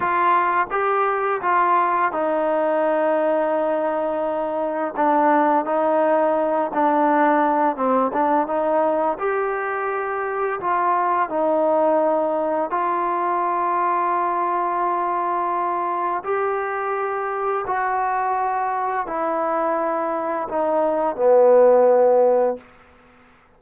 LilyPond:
\new Staff \with { instrumentName = "trombone" } { \time 4/4 \tempo 4 = 85 f'4 g'4 f'4 dis'4~ | dis'2. d'4 | dis'4. d'4. c'8 d'8 | dis'4 g'2 f'4 |
dis'2 f'2~ | f'2. g'4~ | g'4 fis'2 e'4~ | e'4 dis'4 b2 | }